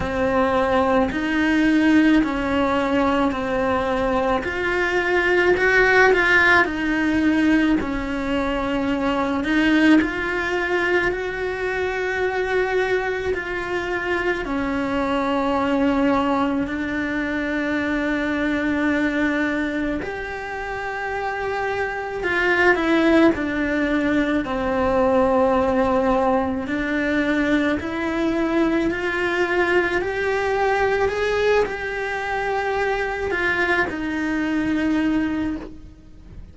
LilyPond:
\new Staff \with { instrumentName = "cello" } { \time 4/4 \tempo 4 = 54 c'4 dis'4 cis'4 c'4 | f'4 fis'8 f'8 dis'4 cis'4~ | cis'8 dis'8 f'4 fis'2 | f'4 cis'2 d'4~ |
d'2 g'2 | f'8 e'8 d'4 c'2 | d'4 e'4 f'4 g'4 | gis'8 g'4. f'8 dis'4. | }